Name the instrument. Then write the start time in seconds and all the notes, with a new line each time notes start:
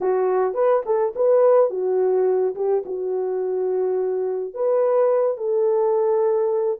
horn
0.00 F#4
0.54 B4
0.85 A4
1.15 B4
1.70 F#4
2.55 G4
2.85 F#4
4.53 B4
5.37 A4